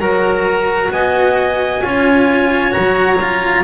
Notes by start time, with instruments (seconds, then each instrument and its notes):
0.00 double bass F#3, cello F#4, clarinet A#4, trumpet A#5
0.92 double bass B3, clarinet D#5, trumpet G#5
1.82 double bass C#4, cello F4, clarinet C#5
2.71 cello F#4, trumpet A#5
2.78 double bass F#3
3.21 cello F4